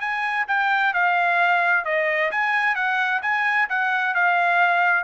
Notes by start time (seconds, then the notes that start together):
0.00 G#5
0.48 G5
0.94 F5
1.85 D#5
2.31 G#5
2.75 F#5
3.22 G#5
3.69 F#5
4.14 F5